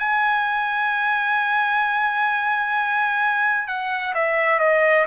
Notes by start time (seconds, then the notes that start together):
0.00 G#5
3.68 F#5
4.15 E5
4.60 D#5